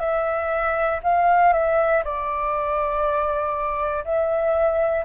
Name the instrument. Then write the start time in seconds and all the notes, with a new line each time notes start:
flute
0.00 E5
1.04 F5
1.53 E5
2.04 D5
4.05 E5